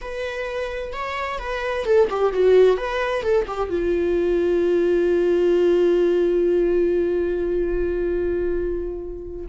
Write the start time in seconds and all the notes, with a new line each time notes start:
0.01 B4
0.93 C#5
1.38 B4
1.85 A4
2.10 G4
2.32 F#4
2.77 B4
3.22 A4
3.47 G4
3.69 F4